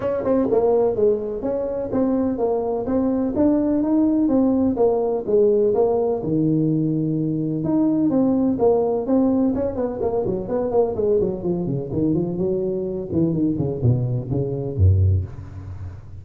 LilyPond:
\new Staff \with { instrumentName = "tuba" } { \time 4/4 \tempo 4 = 126 cis'8 c'8 ais4 gis4 cis'4 | c'4 ais4 c'4 d'4 | dis'4 c'4 ais4 gis4 | ais4 dis2. |
dis'4 c'4 ais4 c'4 | cis'8 b8 ais8 fis8 b8 ais8 gis8 fis8 | f8 cis8 dis8 f8 fis4. e8 | dis8 cis8 b,4 cis4 fis,4 | }